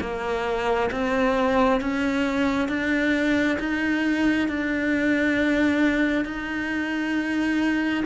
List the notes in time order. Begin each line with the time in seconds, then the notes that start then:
0.00 A#3
0.91 C4
1.81 C#4
2.68 D4
3.59 D#4
4.48 D4
6.24 D#4